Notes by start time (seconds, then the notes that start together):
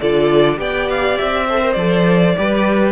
0.00 D3 F4 A4 D5
0.56 B3 G4 D5 G5
0.89 F5
1.18 C4 E5
1.47 A4 C5
1.61 A#4
1.72 F3 A4 D5
2.36 G3 G4 B4